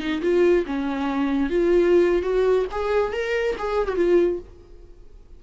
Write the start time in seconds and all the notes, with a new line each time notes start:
0.00 D#4
0.22 F4
0.67 C#4
1.50 F4
2.22 F#4
2.72 G#4
3.13 A#4
3.58 G#4
3.88 F#4
3.96 F4